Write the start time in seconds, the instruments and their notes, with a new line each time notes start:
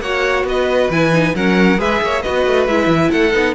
0.00 cello A#3, viola F#4, violin C#5 F#5
0.44 cello B3, violin B4 D#5
0.90 cello E3, viola E4, violin G#5
1.12 viola D#4
1.35 cello F#3, viola C#4, violin A#4 F#5
1.78 cello G#3, viola G#4, violin B4 E5
2.01 cello A#3, violin C#5
2.22 viola F#4, violin B4 D#5
2.28 cello B3
2.46 cello A3
2.67 cello G#3, viola E4, violin E5
2.86 cello E3
3.11 cello A3, violin A4 F#5
3.32 cello B3, viola D#4